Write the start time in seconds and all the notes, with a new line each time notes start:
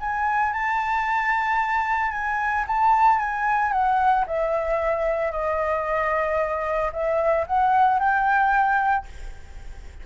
0.00 G#5
0.53 A5
2.12 G#5
2.67 A5
3.20 G#5
3.72 F#5
4.27 E5
5.32 D#5
6.93 E5
7.47 F#5
7.99 G5